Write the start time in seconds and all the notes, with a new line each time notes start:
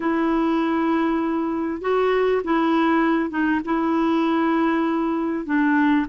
0.00 E4
1.81 F#4
2.44 E4
3.29 D#4
3.64 E4
5.45 D4